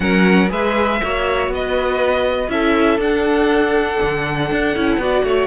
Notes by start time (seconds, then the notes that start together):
0.00 F#3 C#4 A#4 F#5
0.48 G#3 G#4 B4 E5
1.01 A#3 F#4 C#5
1.47 B3
1.54 B4 D#5
2.48 C#4 E4 A4 E5
2.97 D4 F#5
4.02 D3
4.51 D4
4.75 C#4 E4
4.97 B3 F#4 D5
5.23 A3 C#5